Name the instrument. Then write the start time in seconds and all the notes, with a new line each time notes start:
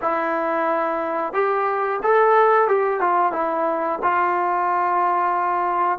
trombone
0.01 E4
1.33 G4
2.02 A4
2.68 G4
3.00 F4
3.32 E4
4.02 F4